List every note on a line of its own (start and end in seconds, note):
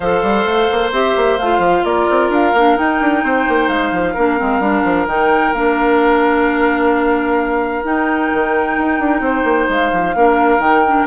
0.00 0.22 F3
0.00 0.92 A4
0.00 1.83 C5
0.00 0.91 F5
0.22 0.45 G3
0.45 0.68 A3
0.71 0.92 A#3
0.92 1.15 C4
0.92 1.38 G4
0.92 1.38 E5
1.16 1.39 A#3
1.38 1.58 A3
1.38 2.57 F4
1.38 1.84 F5
1.58 1.81 F3
1.84 2.07 A#3
1.84 3.24 A#4
1.84 2.30 D5
2.09 2.29 C4
2.29 2.52 D4
2.29 2.77 F5
2.54 2.77 A#3
2.54 2.76 D4
2.76 4.15 D#4
2.76 3.00 D#4
2.76 3.68 G5
3.00 3.23 D4
3.23 3.46 C4
3.23 4.13 C5
3.48 3.68 A#3
3.68 3.91 G#3
3.68 5.06 F5
3.91 4.14 F3
4.13 4.40 A#3
4.13 4.38 D4
4.13 9.21 A#4
4.38 4.59 G#3
4.38 4.61 C4
4.59 4.82 G3
4.59 5.07 D4
4.84 5.06 F3
5.06 5.52 D#3
5.06 5.54 D#4
5.06 5.53 G5
5.53 7.83 A#3
5.53 7.83 D4
5.53 7.84 F5
7.83 10.14 D#4
7.83 8.30 D#4
7.83 9.70 G5
8.33 8.77 D#3
8.77 8.99 D#4
8.99 9.20 D4
9.20 9.43 C4
9.20 10.16 C5
9.44 9.67 A#3
9.68 9.91 G#3
9.68 10.60 F5
9.92 10.14 F3
10.14 10.58 A#3
10.14 10.59 D4
10.14 11.07 A#4
10.58 11.04 D#3
10.58 10.82 D#4
10.58 11.06 G5
10.87 11.07 D4